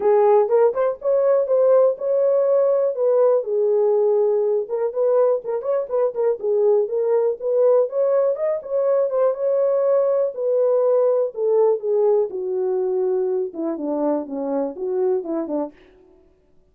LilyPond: \new Staff \with { instrumentName = "horn" } { \time 4/4 \tempo 4 = 122 gis'4 ais'8 c''8 cis''4 c''4 | cis''2 b'4 gis'4~ | gis'4. ais'8 b'4 ais'8 cis''8 | b'8 ais'8 gis'4 ais'4 b'4 |
cis''4 dis''8 cis''4 c''8 cis''4~ | cis''4 b'2 a'4 | gis'4 fis'2~ fis'8 e'8 | d'4 cis'4 fis'4 e'8 d'8 | }